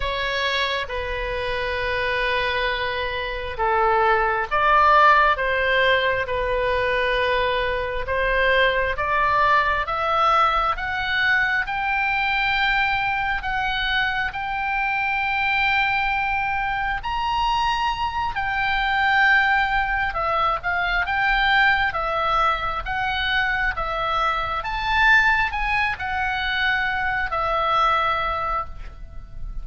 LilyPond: \new Staff \with { instrumentName = "oboe" } { \time 4/4 \tempo 4 = 67 cis''4 b'2. | a'4 d''4 c''4 b'4~ | b'4 c''4 d''4 e''4 | fis''4 g''2 fis''4 |
g''2. ais''4~ | ais''8 g''2 e''8 f''8 g''8~ | g''8 e''4 fis''4 e''4 a''8~ | a''8 gis''8 fis''4. e''4. | }